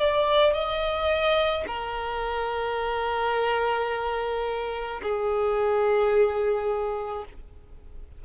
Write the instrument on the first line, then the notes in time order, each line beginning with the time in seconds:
violin
0.00 D5
0.54 D#5
1.68 A#4
5.03 G#4